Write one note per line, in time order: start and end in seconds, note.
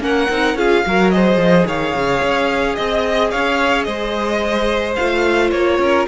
0.00 0.28 A#3
0.00 0.28 C#4
0.00 0.57 A#4
0.00 0.58 F#5
0.30 0.55 C4
0.30 0.57 D#4
0.55 0.82 C#4
0.55 0.85 F4
0.55 0.85 G#4
0.55 1.10 F5
0.86 1.37 F#3
0.86 1.12 F#4
0.86 1.14 A#4
1.10 4.97 G#4
1.10 1.67 C5
1.10 1.65 D#5
1.37 1.64 F3
1.66 1.94 D#3
1.66 2.76 C#5
1.66 2.75 F5
1.95 2.22 C#3
2.22 2.78 C#4
2.75 3.33 C4
2.75 3.30 D#5
2.75 3.31 D#5
3.31 3.87 C#4
3.31 3.86 C#5
3.31 3.84 F5
3.84 4.97 G#3
3.84 5.79 C5
3.84 4.94 D#5
4.95 5.52 A3
4.95 6.08 F4
4.95 5.50 F5
5.51 5.79 A#3
5.51 6.06 C#5
5.79 6.06 C#4
5.79 6.08 A#4